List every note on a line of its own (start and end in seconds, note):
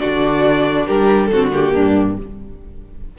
0.00 0.89 D3
0.00 1.30 D4
0.00 0.87 F#4
0.00 0.87 D5
0.87 1.31 G3
0.87 1.30 G4
0.87 1.27 A#4
1.27 1.75 D3
1.27 1.74 F#4
1.27 1.49 A4
1.33 1.52 C4
1.52 2.17 A#3
1.52 2.18 G4
1.74 2.19 G2
1.74 2.18 D4